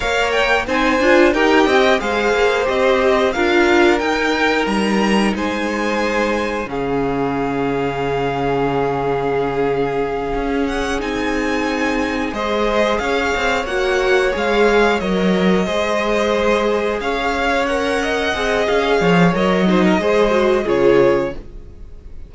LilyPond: <<
  \new Staff \with { instrumentName = "violin" } { \time 4/4 \tempo 4 = 90 f''8 g''8 gis''4 g''4 f''4 | dis''4 f''4 g''4 ais''4 | gis''2 f''2~ | f''1 |
fis''8 gis''2 dis''4 f''8~ | f''8 fis''4 f''4 dis''4.~ | dis''4. f''4 fis''4. | f''4 dis''2 cis''4 | }
  \new Staff \with { instrumentName = "violin" } { \time 4/4 cis''4 c''4 ais'8 dis''8 c''4~ | c''4 ais'2. | c''2 gis'2~ | gis'1~ |
gis'2~ gis'8 c''4 cis''8~ | cis''2.~ cis''8 c''8~ | c''4. cis''4. dis''4~ | dis''8 cis''4 c''16 ais'16 c''4 gis'4 | }
  \new Staff \with { instrumentName = "viola" } { \time 4/4 ais'4 dis'8 f'8 g'4 gis'4 | g'4 f'4 dis'2~ | dis'2 cis'2~ | cis'1~ |
cis'8 dis'2 gis'4.~ | gis'8 fis'4 gis'4 ais'4 gis'8~ | gis'2~ gis'8 ais'4 gis'8~ | gis'4 ais'8 dis'8 gis'8 fis'8 f'4 | }
  \new Staff \with { instrumentName = "cello" } { \time 4/4 ais4 c'8 d'8 dis'8 c'8 gis8 ais8 | c'4 d'4 dis'4 g4 | gis2 cis2~ | cis2.~ cis8 cis'8~ |
cis'8 c'2 gis4 cis'8 | c'8 ais4 gis4 fis4 gis8~ | gis4. cis'2 c'8 | cis'8 f8 fis4 gis4 cis4 | }
>>